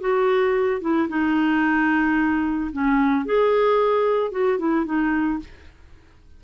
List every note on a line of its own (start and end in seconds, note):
0.00 0.81 F#4
0.81 1.08 E4
1.09 2.71 D#4
2.72 3.25 C#4
3.25 4.31 G#4
4.31 4.58 F#4
4.58 4.85 E4
4.85 5.39 D#4